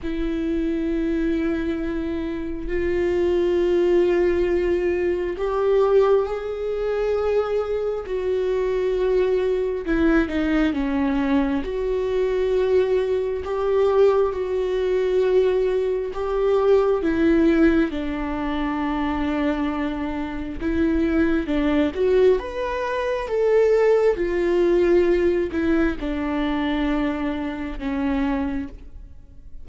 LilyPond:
\new Staff \with { instrumentName = "viola" } { \time 4/4 \tempo 4 = 67 e'2. f'4~ | f'2 g'4 gis'4~ | gis'4 fis'2 e'8 dis'8 | cis'4 fis'2 g'4 |
fis'2 g'4 e'4 | d'2. e'4 | d'8 fis'8 b'4 a'4 f'4~ | f'8 e'8 d'2 cis'4 | }